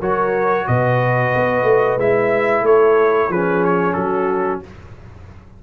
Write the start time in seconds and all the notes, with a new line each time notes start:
0.00 F#3 F#4 A#4 C#5
0.67 B2 B4 D#5
1.35 B3
1.64 A3
1.97 G#3 E4 E5
2.62 A3 A4 C#5
3.29 F3 C#4 G#4 B4
3.65 C#5
3.93 F#3 F#4 A4